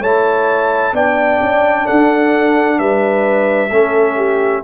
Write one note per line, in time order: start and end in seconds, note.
0.00 0.92 A3
0.00 0.93 E4
0.00 0.93 C#5
0.00 0.95 A5
0.93 1.39 B3
0.93 3.70 D4
0.93 1.86 D5
0.93 1.87 G5
1.41 1.87 C#4
1.86 2.79 D4
1.86 2.78 A4
1.86 2.79 F#5
2.79 3.70 G3
2.79 3.71 B4
2.79 4.63 E5
3.70 4.62 A3
3.70 4.64 C#4
3.70 4.17 A4
4.17 4.63 G4